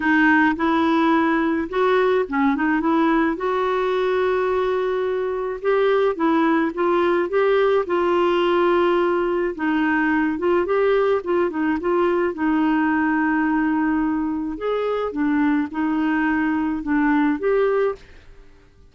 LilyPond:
\new Staff \with { instrumentName = "clarinet" } { \time 4/4 \tempo 4 = 107 dis'4 e'2 fis'4 | cis'8 dis'8 e'4 fis'2~ | fis'2 g'4 e'4 | f'4 g'4 f'2~ |
f'4 dis'4. f'8 g'4 | f'8 dis'8 f'4 dis'2~ | dis'2 gis'4 d'4 | dis'2 d'4 g'4 | }